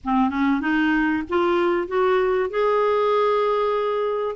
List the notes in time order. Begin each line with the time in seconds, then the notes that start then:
0.04 C4
0.29 C#4
0.60 D#4
1.29 F4
1.87 F#4
2.50 G#4